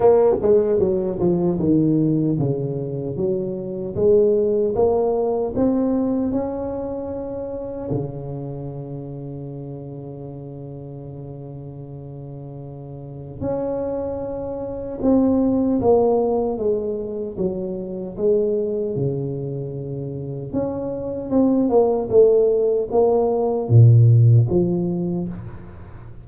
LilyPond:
\new Staff \with { instrumentName = "tuba" } { \time 4/4 \tempo 4 = 76 ais8 gis8 fis8 f8 dis4 cis4 | fis4 gis4 ais4 c'4 | cis'2 cis2~ | cis1~ |
cis4 cis'2 c'4 | ais4 gis4 fis4 gis4 | cis2 cis'4 c'8 ais8 | a4 ais4 ais,4 f4 | }